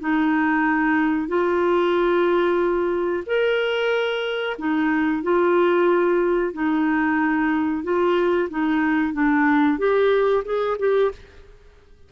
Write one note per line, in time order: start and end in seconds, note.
0.00 1.28 D#4
1.28 3.24 F4
3.27 4.57 A#4
4.59 5.23 D#4
5.23 6.53 F4
6.53 7.84 D#4
7.84 8.49 F4
8.50 9.13 D#4
9.13 9.79 D4
9.79 10.44 G4
10.45 10.78 G#4
10.79 11.12 G4